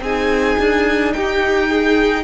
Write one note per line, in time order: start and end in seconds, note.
0.00 0.56 C4
0.00 2.24 D#4
0.00 1.14 G#4
0.00 1.13 G#5
0.59 1.14 D4
1.13 2.24 D#4
1.13 1.70 G4
1.13 2.24 G5
1.70 2.24 G#4